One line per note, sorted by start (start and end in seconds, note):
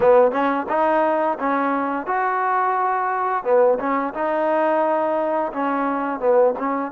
0.00 0.31 B3
0.31 0.66 C#4
0.69 1.38 D#4
1.39 2.06 C#4
2.06 3.44 F#4
3.44 3.78 B3
3.79 4.13 C#4
4.14 5.52 D#4
5.52 6.19 C#4
6.19 6.54 B3
6.59 6.91 C#4